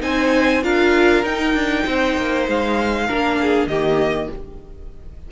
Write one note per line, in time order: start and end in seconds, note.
0.00 0.63 C4
0.00 0.61 D#4
0.00 0.63 C5
0.00 0.63 G#5
0.63 1.24 D4
0.63 1.24 F4
0.63 1.85 A#4
0.63 1.24 F5
1.24 1.53 D#4
1.24 3.07 D#4
1.24 2.47 G5
1.53 1.84 D4
1.85 2.17 C4
1.85 3.06 C5
2.17 2.48 A#3
2.48 3.09 G#3
2.48 3.67 F5
3.06 3.66 A#3
3.06 3.70 D4
3.06 3.37 A#4
3.41 3.69 G#4
3.66 4.28 D#3
3.66 4.31 A#3
3.66 4.30 G4
3.66 4.29 D#5